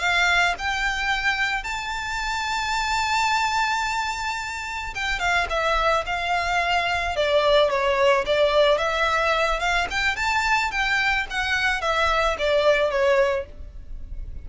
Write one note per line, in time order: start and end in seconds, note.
0.00 0.55 F5
0.59 1.64 G5
1.64 4.94 A5
4.95 5.20 G5
5.20 5.47 F5
5.50 6.05 E5
6.07 7.17 F5
7.17 7.70 D5
7.70 8.25 C#5
8.27 8.78 D5
8.78 9.60 E5
9.60 9.88 F5
9.91 10.17 G5
10.17 10.72 A5
10.72 11.27 G5
11.30 11.82 F#5
11.82 12.37 E5
12.39 12.91 D5
12.91 13.46 C#5